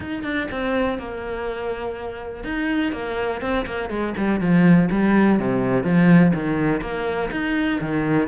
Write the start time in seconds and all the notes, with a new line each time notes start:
0.00 D#4
0.23 D4
0.51 C4
0.98 A#3
2.44 D#4
2.92 A#3
3.41 C4
3.65 A#3
3.89 G#3
4.17 G3
4.40 F3
4.91 G3
5.39 C3
5.83 F3
6.33 D#3
6.81 A#3
7.31 D#4
7.80 D#3